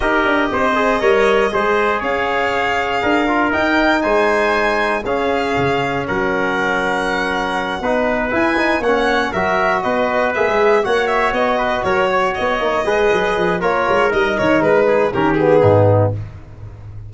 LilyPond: <<
  \new Staff \with { instrumentName = "violin" } { \time 4/4 \tempo 4 = 119 dis''1 | f''2. g''4 | gis''2 f''2 | fis''1~ |
fis''8 gis''4 fis''4 e''4 dis''8~ | dis''8 e''4 fis''8 e''8 dis''4 cis''8~ | cis''8 dis''2~ dis''8 cis''4 | dis''8 cis''8 b'4 ais'8 gis'4. | }
  \new Staff \with { instrumentName = "trumpet" } { \time 4/4 ais'4 c''4 cis''4 c''4 | cis''2 ais'2 | c''2 gis'2 | ais'2.~ ais'8 b'8~ |
b'4. cis''4 ais'4 b'8~ | b'4. cis''4. b'8 ais'8 | cis''4. b'4. ais'4~ | ais'4. gis'8 g'4 dis'4 | }
  \new Staff \with { instrumentName = "trombone" } { \time 4/4 g'4. gis'8 ais'4 gis'4~ | gis'2~ gis'8 f'8 dis'4~ | dis'2 cis'2~ | cis'2.~ cis'8 dis'8~ |
dis'8 e'8 dis'8 cis'4 fis'4.~ | fis'8 gis'4 fis'2~ fis'8~ | fis'4 dis'8 gis'4. f'4 | dis'2 cis'8 b4. | }
  \new Staff \with { instrumentName = "tuba" } { \time 4/4 dis'8 d'8 c'4 g4 gis4 | cis'2 d'4 dis'4 | gis2 cis'4 cis4 | fis2.~ fis8 b8~ |
b8 e'4 ais4 fis4 b8~ | b8 ais16 gis8. ais4 b4 fis8~ | fis8 b8 ais8 gis8 fis8 f8 ais8 gis8 | g8 dis8 gis4 dis4 gis,4 | }
>>